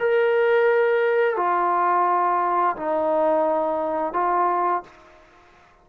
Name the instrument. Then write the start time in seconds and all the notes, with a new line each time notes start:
trombone
0.00 A#4
1.37 F4
2.77 D#4
4.14 F4